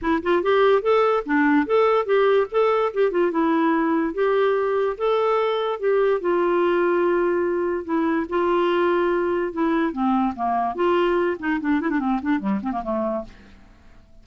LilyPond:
\new Staff \with { instrumentName = "clarinet" } { \time 4/4 \tempo 4 = 145 e'8 f'8 g'4 a'4 d'4 | a'4 g'4 a'4 g'8 f'8 | e'2 g'2 | a'2 g'4 f'4~ |
f'2. e'4 | f'2. e'4 | c'4 ais4 f'4. dis'8 | d'8 e'16 d'16 c'8 d'8 g8 c'16 ais16 a4 | }